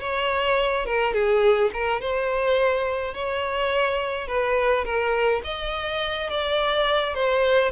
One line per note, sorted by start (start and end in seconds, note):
0.00 0.85 C#5
0.85 1.13 A#4
1.13 1.70 G#4
1.73 2.00 A#4
2.00 3.14 C5
3.14 4.27 C#5
4.27 4.84 B4
4.84 5.41 A#4
5.44 6.29 D#5
6.29 7.14 D5
7.14 7.71 C5